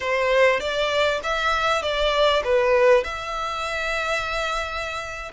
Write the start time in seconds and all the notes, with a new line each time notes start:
0.00 C5
0.60 D5
1.23 E5
1.82 D5
2.44 B4
3.04 E5